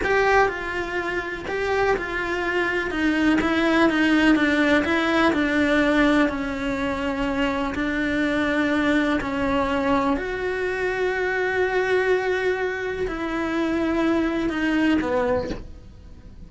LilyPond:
\new Staff \with { instrumentName = "cello" } { \time 4/4 \tempo 4 = 124 g'4 f'2 g'4 | f'2 dis'4 e'4 | dis'4 d'4 e'4 d'4~ | d'4 cis'2. |
d'2. cis'4~ | cis'4 fis'2.~ | fis'2. e'4~ | e'2 dis'4 b4 | }